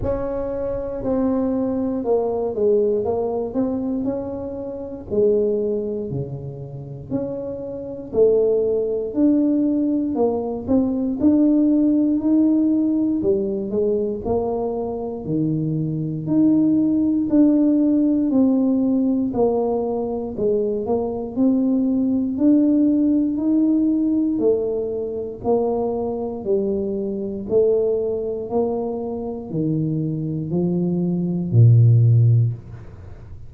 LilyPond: \new Staff \with { instrumentName = "tuba" } { \time 4/4 \tempo 4 = 59 cis'4 c'4 ais8 gis8 ais8 c'8 | cis'4 gis4 cis4 cis'4 | a4 d'4 ais8 c'8 d'4 | dis'4 g8 gis8 ais4 dis4 |
dis'4 d'4 c'4 ais4 | gis8 ais8 c'4 d'4 dis'4 | a4 ais4 g4 a4 | ais4 dis4 f4 ais,4 | }